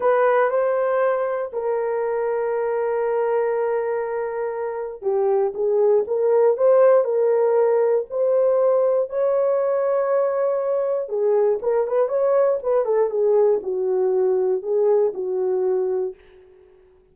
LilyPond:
\new Staff \with { instrumentName = "horn" } { \time 4/4 \tempo 4 = 119 b'4 c''2 ais'4~ | ais'1~ | ais'2 g'4 gis'4 | ais'4 c''4 ais'2 |
c''2 cis''2~ | cis''2 gis'4 ais'8 b'8 | cis''4 b'8 a'8 gis'4 fis'4~ | fis'4 gis'4 fis'2 | }